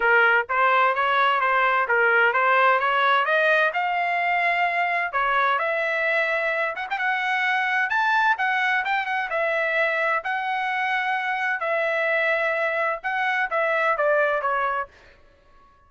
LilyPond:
\new Staff \with { instrumentName = "trumpet" } { \time 4/4 \tempo 4 = 129 ais'4 c''4 cis''4 c''4 | ais'4 c''4 cis''4 dis''4 | f''2. cis''4 | e''2~ e''8 fis''16 g''16 fis''4~ |
fis''4 a''4 fis''4 g''8 fis''8 | e''2 fis''2~ | fis''4 e''2. | fis''4 e''4 d''4 cis''4 | }